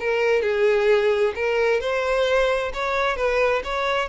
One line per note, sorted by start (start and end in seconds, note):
0.00 0.42 A#4
0.42 1.33 G#4
1.35 1.80 A#4
1.80 2.72 C5
2.74 3.16 C#5
3.16 3.62 B4
3.64 4.08 C#5